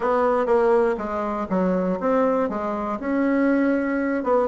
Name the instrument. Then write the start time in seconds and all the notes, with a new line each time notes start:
bassoon
0.00 B3
0.46 A#3
0.97 G#3
1.49 F#3
2.00 C4
2.49 G#3
2.99 C#4
4.23 B3